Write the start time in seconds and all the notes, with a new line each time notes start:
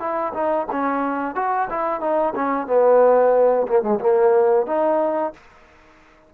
0.00 E4
0.34 D#4
0.72 C#4
1.36 F#4
1.70 E4
2.01 D#4
2.36 C#4
2.68 B3
3.68 A#3
3.83 G#3
4.00 A#3
4.67 D#4